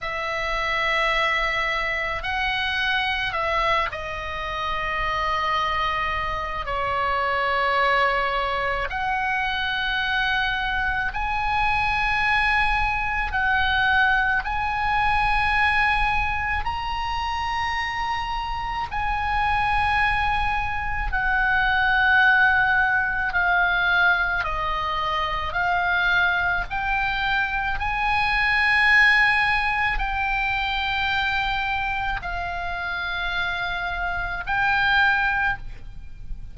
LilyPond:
\new Staff \with { instrumentName = "oboe" } { \time 4/4 \tempo 4 = 54 e''2 fis''4 e''8 dis''8~ | dis''2 cis''2 | fis''2 gis''2 | fis''4 gis''2 ais''4~ |
ais''4 gis''2 fis''4~ | fis''4 f''4 dis''4 f''4 | g''4 gis''2 g''4~ | g''4 f''2 g''4 | }